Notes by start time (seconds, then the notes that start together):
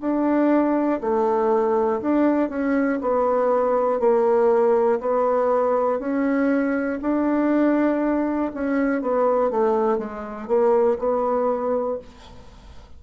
0.00 D4
1.00 A3
2.00 D4
2.49 C#4
3.01 B3
4.00 A#3
5.00 B3
5.99 C#4
7.01 D4
8.54 C#4
9.01 B3
9.50 A3
9.98 G#3
10.47 A#3
10.98 B3